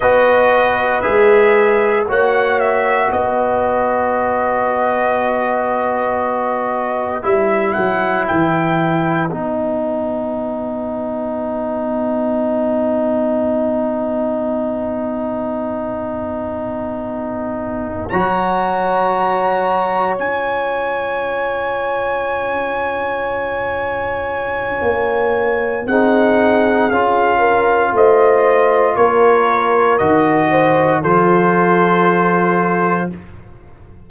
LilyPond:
<<
  \new Staff \with { instrumentName = "trumpet" } { \time 4/4 \tempo 4 = 58 dis''4 e''4 fis''8 e''8 dis''4~ | dis''2. e''8 fis''8 | g''4 fis''2.~ | fis''1~ |
fis''4. ais''2 gis''8~ | gis''1~ | gis''4 fis''4 f''4 dis''4 | cis''4 dis''4 c''2 | }
  \new Staff \with { instrumentName = "horn" } { \time 4/4 b'2 cis''4 b'4~ | b'1~ | b'1~ | b'1~ |
b'4. cis''2~ cis''8~ | cis''1~ | cis''4 gis'4. ais'8 c''4 | ais'4. c''8 a'2 | }
  \new Staff \with { instrumentName = "trombone" } { \time 4/4 fis'4 gis'4 fis'2~ | fis'2. e'4~ | e'4 dis'2.~ | dis'1~ |
dis'4. fis'2 f'8~ | f'1~ | f'4 dis'4 f'2~ | f'4 fis'4 f'2 | }
  \new Staff \with { instrumentName = "tuba" } { \time 4/4 b4 gis4 ais4 b4~ | b2. g8 fis8 | e4 b2.~ | b1~ |
b4. fis2 cis'8~ | cis'1 | ais4 c'4 cis'4 a4 | ais4 dis4 f2 | }
>>